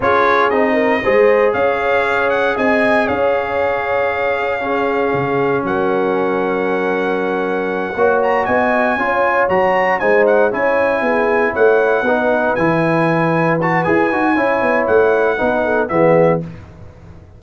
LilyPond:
<<
  \new Staff \with { instrumentName = "trumpet" } { \time 4/4 \tempo 4 = 117 cis''4 dis''2 f''4~ | f''8 fis''8 gis''4 f''2~ | f''2. fis''4~ | fis''1 |
ais''8 gis''2 ais''4 gis''8 | fis''8 gis''2 fis''4.~ | fis''8 gis''2 a''8 gis''4~ | gis''4 fis''2 e''4 | }
  \new Staff \with { instrumentName = "horn" } { \time 4/4 gis'4. ais'8 c''4 cis''4~ | cis''4 dis''4 cis''2~ | cis''4 gis'2 ais'4~ | ais'2.~ ais'8 cis''8~ |
cis''8 dis''4 cis''2 c''8~ | c''8 cis''4 gis'4 cis''4 b'8~ | b'1 | cis''2 b'8 a'8 gis'4 | }
  \new Staff \with { instrumentName = "trombone" } { \time 4/4 f'4 dis'4 gis'2~ | gis'1~ | gis'4 cis'2.~ | cis'2.~ cis'8 fis'8~ |
fis'4. f'4 fis'4 dis'8~ | dis'8 e'2. dis'8~ | dis'8 e'2 fis'8 gis'8 fis'8 | e'2 dis'4 b4 | }
  \new Staff \with { instrumentName = "tuba" } { \time 4/4 cis'4 c'4 gis4 cis'4~ | cis'4 c'4 cis'2~ | cis'2 cis4 fis4~ | fis2.~ fis8 ais8~ |
ais8 b4 cis'4 fis4 gis8~ | gis8 cis'4 b4 a4 b8~ | b8 e2~ e8 e'8 dis'8 | cis'8 b8 a4 b4 e4 | }
>>